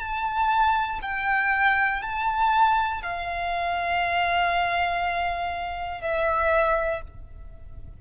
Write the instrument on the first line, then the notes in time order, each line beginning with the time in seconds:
violin
0.00 A5
1.02 G5
2.02 A5
3.02 F5
6.01 E5